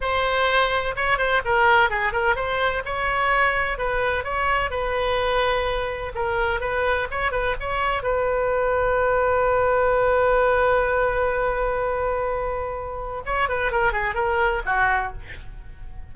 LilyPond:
\new Staff \with { instrumentName = "oboe" } { \time 4/4 \tempo 4 = 127 c''2 cis''8 c''8 ais'4 | gis'8 ais'8 c''4 cis''2 | b'4 cis''4 b'2~ | b'4 ais'4 b'4 cis''8 b'8 |
cis''4 b'2.~ | b'1~ | b'1 | cis''8 b'8 ais'8 gis'8 ais'4 fis'4 | }